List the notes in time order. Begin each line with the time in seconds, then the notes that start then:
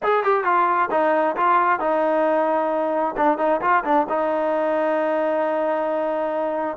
0.02 G#4
0.23 G4
0.44 F4
0.90 D#4
1.36 F4
1.79 D#4
3.16 D4
3.38 D#4
3.61 F4
3.84 D4
4.09 D#4